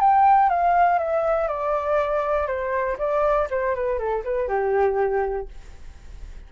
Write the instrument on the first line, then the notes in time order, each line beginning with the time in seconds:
flute
0.00 G5
0.49 F5
0.98 E5
1.47 D5
2.47 C5
2.98 D5
3.50 C5
3.75 B4
3.98 A4
4.24 B4
4.48 G4